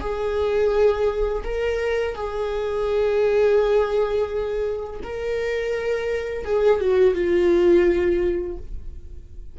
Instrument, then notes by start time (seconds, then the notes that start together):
viola
0.00 G#4
1.44 A#4
2.15 G#4
5.03 A#4
6.44 G#4
6.80 F#4
7.14 F4